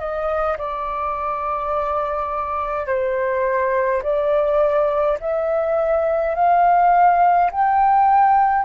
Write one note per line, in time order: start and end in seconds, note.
0.00 0.58 D#5
0.58 2.87 D5
2.87 4.03 C5
4.03 5.19 D5
5.21 6.36 E5
6.36 7.51 F5
7.52 8.65 G5